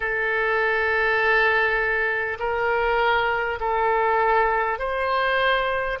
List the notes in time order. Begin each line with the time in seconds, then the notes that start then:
0.00 A4
2.39 A#4
3.60 A4
4.78 C5